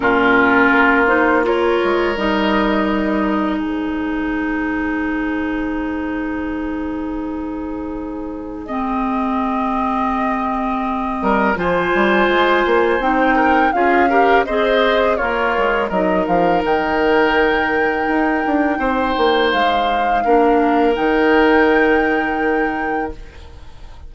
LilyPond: <<
  \new Staff \with { instrumentName = "flute" } { \time 4/4 \tempo 4 = 83 ais'4. c''8 cis''4 dis''4~ | dis''4 c''2.~ | c''1 | dis''1 |
gis''2 g''4 f''4 | dis''4 cis''4 dis''8 f''8 g''4~ | g''2. f''4~ | f''4 g''2. | }
  \new Staff \with { instrumentName = "oboe" } { \time 4/4 f'2 ais'2~ | ais'4 gis'2.~ | gis'1~ | gis'2.~ gis'8 ais'8 |
c''2~ c''8 ais'8 gis'8 ais'8 | c''4 f'4 ais'2~ | ais'2 c''2 | ais'1 | }
  \new Staff \with { instrumentName = "clarinet" } { \time 4/4 cis'4. dis'8 f'4 dis'4~ | dis'1~ | dis'1 | c'1 |
f'2 dis'4 f'8 g'8 | gis'4 ais'4 dis'2~ | dis'1 | d'4 dis'2. | }
  \new Staff \with { instrumentName = "bassoon" } { \time 4/4 ais,4 ais4. gis8 g4~ | g4 gis2.~ | gis1~ | gis2.~ gis8 g8 |
f8 g8 gis8 ais8 c'4 cis'4 | c'4 ais8 gis8 fis8 f8 dis4~ | dis4 dis'8 d'8 c'8 ais8 gis4 | ais4 dis2. | }
>>